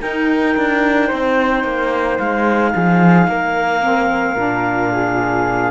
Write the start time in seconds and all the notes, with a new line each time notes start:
0.00 D#4 A#4 G5
0.57 D4
1.07 C4 C5
1.64 A#3
2.19 G#3 F5
2.73 F3 G#4
3.28 A#3 A#4
3.82 C4
4.36 A#2 D4
4.92 G#4